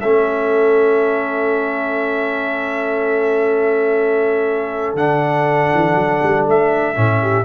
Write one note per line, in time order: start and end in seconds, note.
0.00 4.94 A3
0.00 4.97 C#4
0.00 7.20 A4
0.00 4.96 E5
4.94 5.68 D3
4.94 6.94 D4
4.94 6.45 F#5
5.73 5.95 E3
5.95 6.20 F#3
6.23 6.47 G3
6.47 6.96 A3
6.47 7.44 E5
6.94 7.44 A2
6.94 7.44 C#4
7.21 7.44 G4